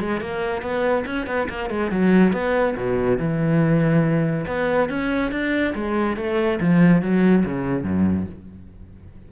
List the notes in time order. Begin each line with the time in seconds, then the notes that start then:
0.00 G#3
0.21 A#3
0.62 B3
1.06 C#4
1.26 B3
1.49 A#3
1.69 G#3
1.91 F#3
2.32 B3
2.77 B2
3.18 E3
4.47 B3
4.89 C#4
5.31 D4
5.75 G#3
6.17 A3
6.60 F3
7.02 F#3
7.45 C#3
7.83 F#2